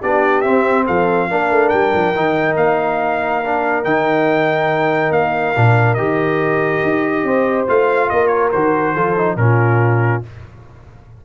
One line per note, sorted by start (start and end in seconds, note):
0.00 0.45 B3
0.00 0.44 D4
0.00 0.85 G4
0.00 0.41 D5
0.41 1.29 C4
0.41 0.87 C4
0.41 0.83 E5
0.86 1.30 F3
0.86 1.29 A4
0.86 1.69 F5
1.29 1.51 A#3
1.29 2.14 D4
1.29 7.24 A#4
1.51 1.72 A3
1.69 1.94 G3
1.69 2.54 G5
1.94 2.15 F3
2.15 2.56 D#3
2.15 3.43 D#4
2.56 3.84 A#3
2.56 3.84 F5
3.44 3.84 D4
3.84 5.11 D#3
3.84 5.54 D#4
3.84 5.12 G5
5.11 5.53 A#3
5.11 5.94 F5
5.55 5.98 A#2
5.55 5.97 D4
5.94 6.83 D#3
5.94 7.67 G4
5.94 7.64 D#5
6.83 7.23 D#4
7.23 7.65 C4
7.23 8.09 C5
7.67 8.11 A3
7.67 8.52 F4
7.67 8.09 F5
8.09 8.54 A#3
8.09 8.94 A#4
8.09 8.27 D#5
8.27 8.48 C#5
8.52 8.95 D#3
8.52 8.96 F#4
8.52 9.37 C5
8.94 9.36 F3
8.94 9.16 F4
8.94 9.37 A4
9.16 9.37 D#4
9.36 10.21 A#2
9.36 10.23 C#4
9.36 10.25 F4
9.36 10.22 A#4